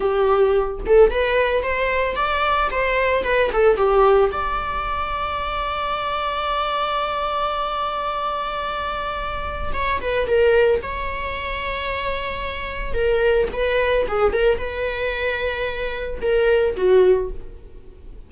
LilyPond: \new Staff \with { instrumentName = "viola" } { \time 4/4 \tempo 4 = 111 g'4. a'8 b'4 c''4 | d''4 c''4 b'8 a'8 g'4 | d''1~ | d''1~ |
d''2 cis''8 b'8 ais'4 | cis''1 | ais'4 b'4 gis'8 ais'8 b'4~ | b'2 ais'4 fis'4 | }